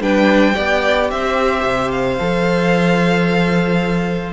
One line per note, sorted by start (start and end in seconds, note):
0.00 0.54 G3
0.00 0.55 D4
0.00 0.55 B4
0.00 1.10 G5
0.55 1.11 B3
0.55 2.17 G4
0.55 1.09 D5
1.10 1.64 C4
1.10 4.33 C5
1.10 1.91 E5
1.64 2.18 C3
1.91 4.33 F5
2.20 4.33 F3
2.20 4.33 A4